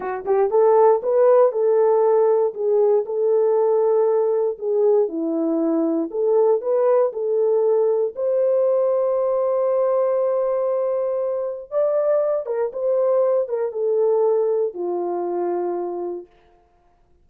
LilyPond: \new Staff \with { instrumentName = "horn" } { \time 4/4 \tempo 4 = 118 fis'8 g'8 a'4 b'4 a'4~ | a'4 gis'4 a'2~ | a'4 gis'4 e'2 | a'4 b'4 a'2 |
c''1~ | c''2. d''4~ | d''8 ais'8 c''4. ais'8 a'4~ | a'4 f'2. | }